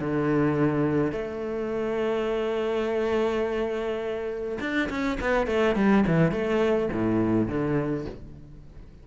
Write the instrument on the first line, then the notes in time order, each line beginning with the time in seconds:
cello
0.00 D3
1.12 A3
4.60 D4
4.90 C#4
5.20 B3
5.47 A3
5.75 G3
6.07 E3
6.31 A3
6.92 A2
7.48 D3